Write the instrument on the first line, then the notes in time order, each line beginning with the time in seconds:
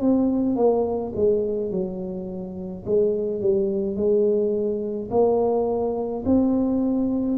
tuba
0.00 C4
0.56 A#3
1.15 G#3
1.71 F#3
2.85 G#3
3.41 G3
3.96 G#3
5.10 A#3
6.25 C4